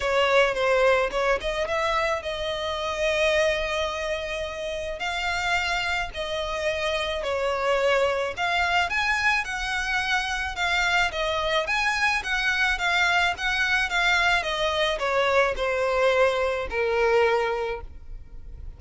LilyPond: \new Staff \with { instrumentName = "violin" } { \time 4/4 \tempo 4 = 108 cis''4 c''4 cis''8 dis''8 e''4 | dis''1~ | dis''4 f''2 dis''4~ | dis''4 cis''2 f''4 |
gis''4 fis''2 f''4 | dis''4 gis''4 fis''4 f''4 | fis''4 f''4 dis''4 cis''4 | c''2 ais'2 | }